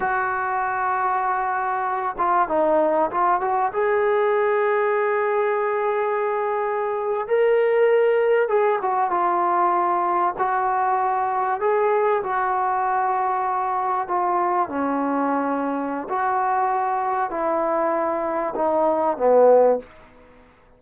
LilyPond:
\new Staff \with { instrumentName = "trombone" } { \time 4/4 \tempo 4 = 97 fis'2.~ fis'8 f'8 | dis'4 f'8 fis'8 gis'2~ | gis'2.~ gis'8. ais'16~ | ais'4.~ ais'16 gis'8 fis'8 f'4~ f'16~ |
f'8. fis'2 gis'4 fis'16~ | fis'2~ fis'8. f'4 cis'16~ | cis'2 fis'2 | e'2 dis'4 b4 | }